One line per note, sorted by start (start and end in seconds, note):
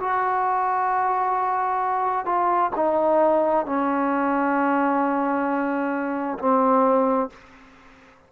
0.00 2.26 F#4
2.26 2.71 F4
2.76 3.66 D#4
3.66 6.39 C#4
6.39 7.30 C4